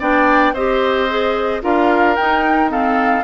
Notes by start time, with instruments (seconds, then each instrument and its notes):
0.00 bassoon B3, clarinet D4, oboe D5, flute G5
0.54 bassoon C4, clarinet G4, oboe C5, flute D#5
1.10 clarinet G#4
1.62 bassoon D4, clarinet F4, oboe A#4, flute F5
2.16 bassoon D#4, clarinet D#4, flute G5
2.69 clarinet C4, oboe A4, flute F5